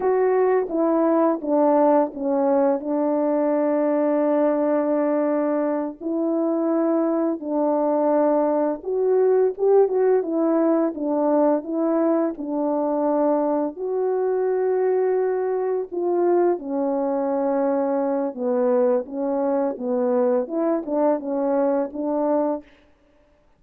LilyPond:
\new Staff \with { instrumentName = "horn" } { \time 4/4 \tempo 4 = 85 fis'4 e'4 d'4 cis'4 | d'1~ | d'8 e'2 d'4.~ | d'8 fis'4 g'8 fis'8 e'4 d'8~ |
d'8 e'4 d'2 fis'8~ | fis'2~ fis'8 f'4 cis'8~ | cis'2 b4 cis'4 | b4 e'8 d'8 cis'4 d'4 | }